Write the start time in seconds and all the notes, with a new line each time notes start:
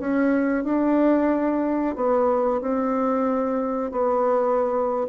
0.00 C#4
0.64 D4
1.96 B3
2.62 C4
3.92 B3